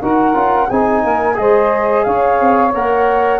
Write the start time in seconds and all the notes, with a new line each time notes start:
0.00 D#4 F#4 A#4 F#5
0.34 C#4 F4
0.68 C4 D#4 G#4 G#5
1.01 A#3 A#4
1.34 G#3 G#4 C5 D#5
2.03 C#4 C#5 F5
2.40 C4
2.73 A#3 A#4 F#5